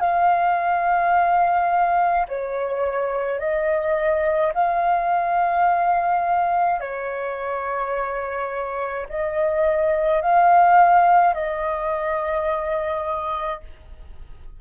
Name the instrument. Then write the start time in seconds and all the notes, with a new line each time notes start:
flute
0.00 F5
2.28 C#5
3.40 D#5
4.54 F5
6.80 C#5
9.09 D#5
10.21 F5
11.34 D#5